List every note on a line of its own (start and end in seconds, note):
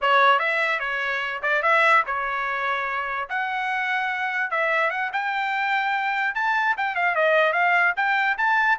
0.01 0.39 C#5
0.39 0.79 E5
0.79 1.40 C#5
1.42 1.62 D5
1.62 2.03 E5
2.06 3.28 C#5
3.29 4.50 F#5
4.50 4.90 E5
4.90 5.10 F#5
5.12 6.35 G5
6.35 6.75 A5
6.77 6.95 G5
6.95 7.15 F5
7.15 7.53 D#5
7.53 7.93 F5
7.96 8.37 G5
8.37 8.78 A5